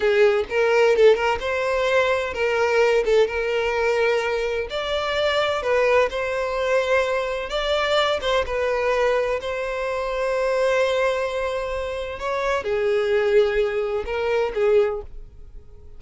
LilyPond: \new Staff \with { instrumentName = "violin" } { \time 4/4 \tempo 4 = 128 gis'4 ais'4 a'8 ais'8 c''4~ | c''4 ais'4. a'8 ais'4~ | ais'2 d''2 | b'4 c''2. |
d''4. c''8 b'2 | c''1~ | c''2 cis''4 gis'4~ | gis'2 ais'4 gis'4 | }